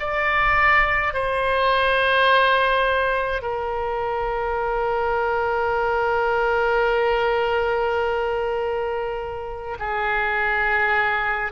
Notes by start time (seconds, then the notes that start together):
0.00 D5
1.14 C5
3.42 A#4
9.80 G#4